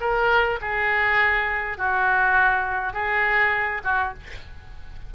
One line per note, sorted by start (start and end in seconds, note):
0.00 0.59 A#4
0.61 1.77 G#4
1.77 2.93 F#4
2.93 3.81 G#4
3.84 4.13 F#4